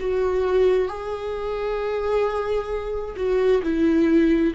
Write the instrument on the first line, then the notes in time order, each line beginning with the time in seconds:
viola
0.00 F#4
0.88 G#4
3.17 F#4
3.63 E4